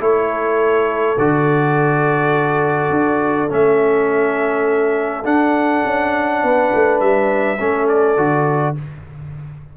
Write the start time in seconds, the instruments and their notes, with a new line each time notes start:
0.00 tuba A3, trombone E4, horn A4, trumpet C#5
1.18 tuba D3, trombone F#4, trumpet D5
2.90 tuba D4
3.49 tuba A3, trombone C#4, trumpet E5
5.25 trombone D4, tuba D4, trumpet F#5
5.85 tuba C#4
6.43 tuba B3, horn B4
6.74 tuba A3
7.00 tuba G3, trumpet E5
7.60 tuba A3, trombone C#4, horn A4
7.88 trumpet D5
8.17 tuba D3, trombone F#4